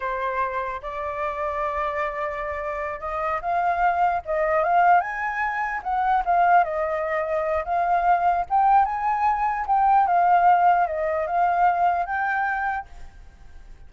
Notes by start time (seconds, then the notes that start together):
0.00 C5
0.82 D5
3.00 D#5
3.41 F5
4.25 D#5
4.63 F5
5.00 G#5
5.83 F#5
6.25 F5
6.64 D#5
7.65 F5
8.49 G5
8.85 G#5
9.66 G5
10.06 F5
10.86 D#5
11.26 F5
12.06 G5